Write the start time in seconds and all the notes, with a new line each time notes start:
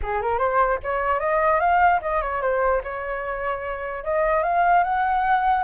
0.02 G#4
0.21 A#4
0.38 C5
0.83 C#5
1.19 D#5
1.60 F5
2.01 D#5
2.21 C#5
2.41 C5
2.83 C#5
4.03 D#5
4.43 F5
4.83 F#5